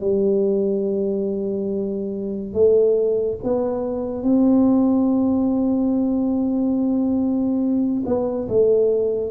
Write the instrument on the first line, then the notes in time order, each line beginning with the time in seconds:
tuba
0.00 G3
2.53 A3
3.43 B3
4.23 C4
8.06 B3
8.48 A3